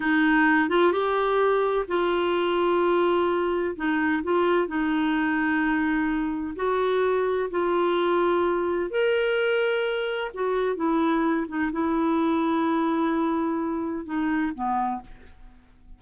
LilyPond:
\new Staff \with { instrumentName = "clarinet" } { \time 4/4 \tempo 4 = 128 dis'4. f'8 g'2 | f'1 | dis'4 f'4 dis'2~ | dis'2 fis'2 |
f'2. ais'4~ | ais'2 fis'4 e'4~ | e'8 dis'8 e'2.~ | e'2 dis'4 b4 | }